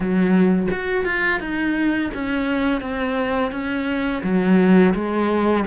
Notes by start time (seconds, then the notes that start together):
0.00 F#3
0.71 F#4
1.04 F4
1.40 D#4
2.14 C#4
2.81 C4
3.51 C#4
4.23 F#3
4.94 G#3